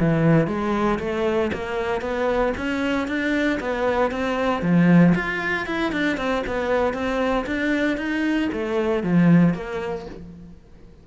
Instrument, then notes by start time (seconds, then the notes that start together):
cello
0.00 E3
0.47 G#3
0.99 A3
1.53 A#3
2.01 B3
2.57 C#4
3.08 D4
3.60 B3
4.11 C4
4.62 F3
5.15 F4
5.67 E4
5.92 D4
6.17 C4
6.47 B3
6.94 C4
7.46 D4
7.97 D#4
8.53 A3
9.03 F3
9.54 A#3